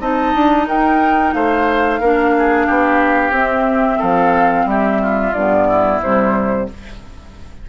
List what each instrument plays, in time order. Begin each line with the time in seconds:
0.00 bassoon C4, clarinet D#4, oboe D#5, flute A5
0.34 bassoon D4
0.67 bassoon D#4, oboe A#4, flute G5
1.34 bassoon A3, oboe C5, flute F5
2.00 bassoon A#3, clarinet D4, oboe A#4
2.38 oboe G#4
2.66 bassoon B3, oboe G4
3.30 bassoon C4, clarinet C4, flute E5
3.98 bassoon F3, oboe A4, flute F5
4.65 bassoon G3, oboe G4, flute E5
5.02 oboe F4
5.33 bassoon G2, clarinet B3, flute D5
5.68 oboe E4
6.02 bassoon C3, clarinet G3, flute C5